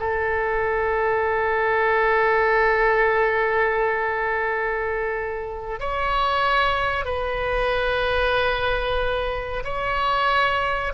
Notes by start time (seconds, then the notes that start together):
0.00 A4
5.80 C#5
7.06 B4
9.65 C#5